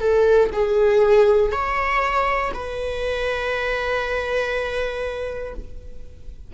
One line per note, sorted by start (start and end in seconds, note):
0.00 0.50 A4
0.53 1.52 G#4
1.52 2.52 C#5
2.54 5.54 B4